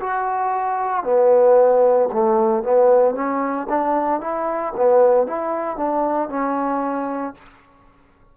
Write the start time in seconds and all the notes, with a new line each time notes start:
0.00 F#4
1.04 B3
2.12 A3
2.63 B3
3.14 C#4
3.69 D4
4.21 E4
4.77 B3
5.27 E4
5.77 D4
6.29 C#4